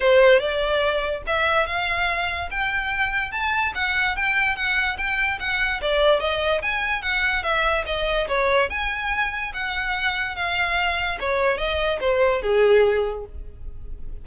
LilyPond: \new Staff \with { instrumentName = "violin" } { \time 4/4 \tempo 4 = 145 c''4 d''2 e''4 | f''2 g''2 | a''4 fis''4 g''4 fis''4 | g''4 fis''4 d''4 dis''4 |
gis''4 fis''4 e''4 dis''4 | cis''4 gis''2 fis''4~ | fis''4 f''2 cis''4 | dis''4 c''4 gis'2 | }